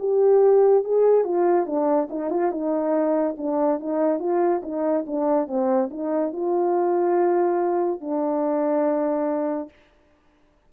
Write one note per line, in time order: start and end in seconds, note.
0.00 0.85 G4
0.85 1.24 G#4
1.24 1.66 F4
1.66 2.09 D4
2.10 2.30 D#4
2.30 2.52 F4
2.52 3.36 D#4
3.38 3.80 D4
3.80 4.19 D#4
4.19 4.62 F4
4.63 5.05 D#4
5.07 5.47 D4
5.47 5.90 C4
5.91 6.33 D#4
6.33 8.01 F4
8.01 9.70 D4